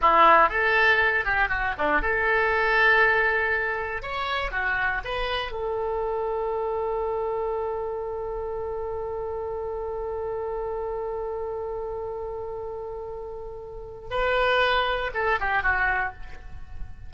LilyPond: \new Staff \with { instrumentName = "oboe" } { \time 4/4 \tempo 4 = 119 e'4 a'4. g'8 fis'8 d'8 | a'1 | cis''4 fis'4 b'4 a'4~ | a'1~ |
a'1~ | a'1~ | a'1 | b'2 a'8 g'8 fis'4 | }